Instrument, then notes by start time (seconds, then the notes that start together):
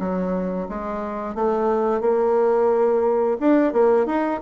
bassoon
0.00 F#3
0.69 G#3
1.35 A3
2.01 A#3
3.40 D4
3.73 A#3
4.07 D#4